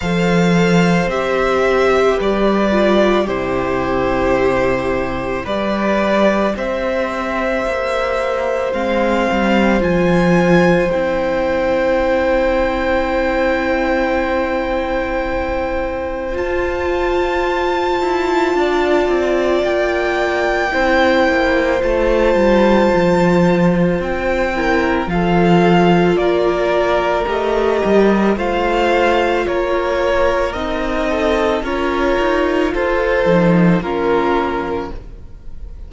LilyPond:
<<
  \new Staff \with { instrumentName = "violin" } { \time 4/4 \tempo 4 = 55 f''4 e''4 d''4 c''4~ | c''4 d''4 e''2 | f''4 gis''4 g''2~ | g''2. a''4~ |
a''2 g''2 | a''2 g''4 f''4 | d''4 dis''4 f''4 cis''4 | dis''4 cis''4 c''4 ais'4 | }
  \new Staff \with { instrumentName = "violin" } { \time 4/4 c''2 b'4 g'4~ | g'4 b'4 c''2~ | c''1~ | c''1~ |
c''4 d''2 c''4~ | c''2~ c''8 ais'8 a'4 | ais'2 c''4 ais'4~ | ais'8 a'8 ais'4 a'4 f'4 | }
  \new Staff \with { instrumentName = "viola" } { \time 4/4 a'4 g'4. f'8 e'4~ | e'4 g'2. | c'4 f'4 e'2~ | e'2. f'4~ |
f'2. e'4 | f'2~ f'8 e'8 f'4~ | f'4 g'4 f'2 | dis'4 f'4. dis'8 cis'4 | }
  \new Staff \with { instrumentName = "cello" } { \time 4/4 f4 c'4 g4 c4~ | c4 g4 c'4 ais4 | gis8 g8 f4 c'2~ | c'2. f'4~ |
f'8 e'8 d'8 c'8 ais4 c'8 ais8 | a8 g8 f4 c'4 f4 | ais4 a8 g8 a4 ais4 | c'4 cis'8 dis'8 f'8 f8 ais4 | }
>>